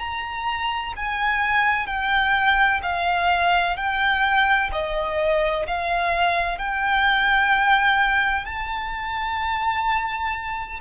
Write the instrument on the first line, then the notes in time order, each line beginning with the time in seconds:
violin
0.00 A#5
0.97 G#5
1.87 G5
2.83 F5
3.77 G5
4.73 D#5
5.68 F5
6.59 G5
8.46 A5